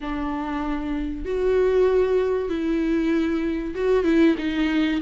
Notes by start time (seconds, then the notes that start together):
0.00 D4
1.25 F#4
2.49 E4
3.74 F#4
4.04 E4
4.38 D#4